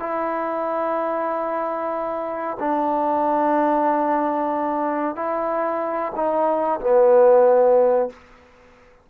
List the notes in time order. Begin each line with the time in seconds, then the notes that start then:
0.00 E4
2.60 D4
5.16 E4
6.16 D#4
6.81 B3